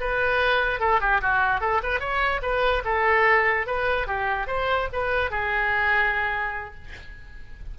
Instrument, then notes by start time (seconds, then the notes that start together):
oboe
0.00 B4
0.80 A4
1.00 G4
1.21 F#4
1.60 A4
1.83 B4
1.99 C#5
2.42 B4
2.84 A4
3.66 B4
4.07 G4
4.47 C5
4.92 B4
5.30 G#4